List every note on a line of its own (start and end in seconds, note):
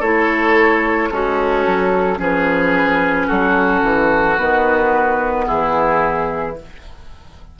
0.00 1.10 A3
0.00 1.12 E4
0.00 1.09 A4
0.00 1.11 C#5
1.11 1.66 G#3
1.11 2.20 C#4
1.11 2.17 F#4
1.11 2.20 A4
1.67 2.19 F#3
2.17 3.28 F3
2.17 4.35 C#4
2.17 3.27 G#4
2.17 3.29 B4
3.27 3.83 F#3
3.27 5.46 F#4
3.27 4.38 A4
3.83 4.37 E3
4.38 5.48 D#3
4.38 6.57 B3
4.38 5.47 B4
5.47 6.60 E3
5.47 6.57 E4
5.47 6.56 G#4